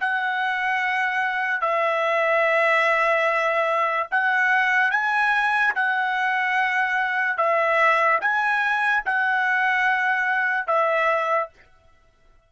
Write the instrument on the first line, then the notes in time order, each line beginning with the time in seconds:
trumpet
0.00 F#5
1.61 E5
4.11 F#5
4.91 G#5
5.75 F#5
7.37 E5
8.21 G#5
9.05 F#5
10.67 E5